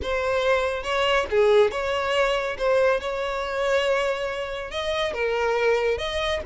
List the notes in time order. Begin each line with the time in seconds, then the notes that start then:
0.02 C5
0.83 C#5
1.30 G#4
1.71 C#5
2.58 C5
3.00 C#5
4.70 D#5
5.13 A#4
5.97 D#5